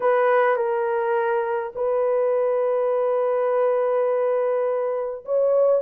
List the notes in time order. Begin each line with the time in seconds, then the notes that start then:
0.00 B4
0.56 A#4
1.75 B4
5.25 C#5